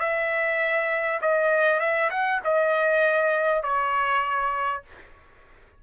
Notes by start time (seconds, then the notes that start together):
0.00 E5
1.22 D#5
1.80 E5
2.11 F#5
2.44 D#5
3.63 C#5